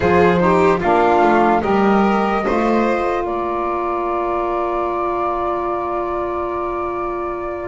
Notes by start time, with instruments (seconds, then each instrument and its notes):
0.00 double bass F3, saxophone F4, violin G#4, flute C5
0.37 saxophone D#4, violin G4
0.79 double bass A#3, saxophone D4, violin F4, flute F5
1.22 double bass A3
1.61 double bass G3, saxophone G4, violin A#4, flute D#5
2.45 double bass A3, saxophone F4, violin C5
3.24 double bass A#3, violin A#4, flute D5